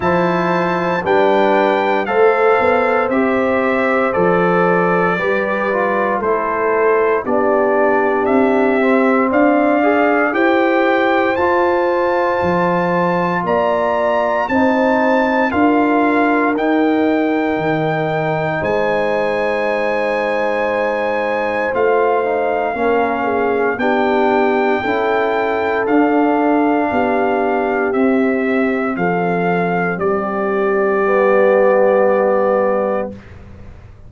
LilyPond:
<<
  \new Staff \with { instrumentName = "trumpet" } { \time 4/4 \tempo 4 = 58 a''4 g''4 f''4 e''4 | d''2 c''4 d''4 | e''4 f''4 g''4 a''4~ | a''4 ais''4 a''4 f''4 |
g''2 gis''2~ | gis''4 f''2 g''4~ | g''4 f''2 e''4 | f''4 d''2. | }
  \new Staff \with { instrumentName = "horn" } { \time 4/4 c''4 b'4 c''2~ | c''4 b'4 a'4 g'4~ | g'4 d''4 c''2~ | c''4 d''4 c''4 ais'4~ |
ais'2 c''2~ | c''2 ais'8 gis'8 g'4 | a'2 g'2 | a'4 g'2. | }
  \new Staff \with { instrumentName = "trombone" } { \time 4/4 e'4 d'4 a'4 g'4 | a'4 g'8 f'8 e'4 d'4~ | d'8 c'4 gis'8 g'4 f'4~ | f'2 dis'4 f'4 |
dis'1~ | dis'4 f'8 dis'8 cis'4 d'4 | e'4 d'2 c'4~ | c'2 b2 | }
  \new Staff \with { instrumentName = "tuba" } { \time 4/4 f4 g4 a8 b8 c'4 | f4 g4 a4 b4 | c'4 d'4 e'4 f'4 | f4 ais4 c'4 d'4 |
dis'4 dis4 gis2~ | gis4 a4 ais4 b4 | cis'4 d'4 b4 c'4 | f4 g2. | }
>>